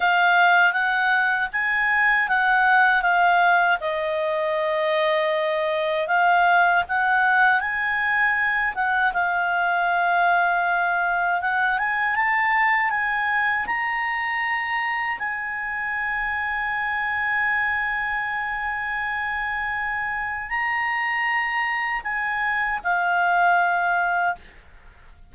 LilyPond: \new Staff \with { instrumentName = "clarinet" } { \time 4/4 \tempo 4 = 79 f''4 fis''4 gis''4 fis''4 | f''4 dis''2. | f''4 fis''4 gis''4. fis''8 | f''2. fis''8 gis''8 |
a''4 gis''4 ais''2 | gis''1~ | gis''2. ais''4~ | ais''4 gis''4 f''2 | }